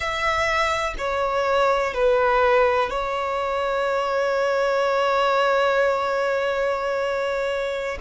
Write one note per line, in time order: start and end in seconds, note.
0.00 0.94 E5
0.98 1.94 C#5
1.94 2.90 B4
2.90 7.98 C#5